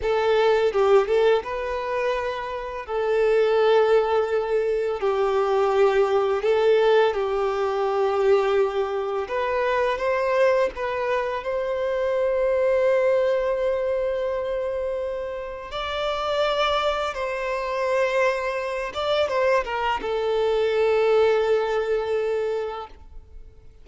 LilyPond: \new Staff \with { instrumentName = "violin" } { \time 4/4 \tempo 4 = 84 a'4 g'8 a'8 b'2 | a'2. g'4~ | g'4 a'4 g'2~ | g'4 b'4 c''4 b'4 |
c''1~ | c''2 d''2 | c''2~ c''8 d''8 c''8 ais'8 | a'1 | }